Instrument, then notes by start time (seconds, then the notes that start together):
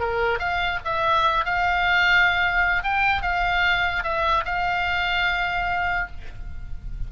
oboe
0.00 A#4
0.39 F5
0.85 E5
1.45 F5
2.84 G5
3.23 F5
4.04 E5
4.45 F5